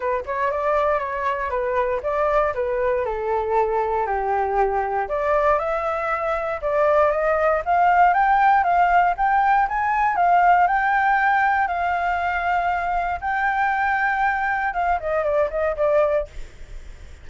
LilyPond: \new Staff \with { instrumentName = "flute" } { \time 4/4 \tempo 4 = 118 b'8 cis''8 d''4 cis''4 b'4 | d''4 b'4 a'2 | g'2 d''4 e''4~ | e''4 d''4 dis''4 f''4 |
g''4 f''4 g''4 gis''4 | f''4 g''2 f''4~ | f''2 g''2~ | g''4 f''8 dis''8 d''8 dis''8 d''4 | }